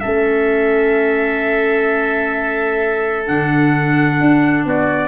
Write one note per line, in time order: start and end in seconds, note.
0.00 3.29 A3
0.00 3.26 C#4
0.00 4.66 A4
0.00 3.26 E5
3.26 4.20 D3
3.26 5.08 D4
3.26 4.66 F#5
4.20 4.65 D4
4.65 5.08 B3
4.65 5.08 F#4
4.65 5.08 D5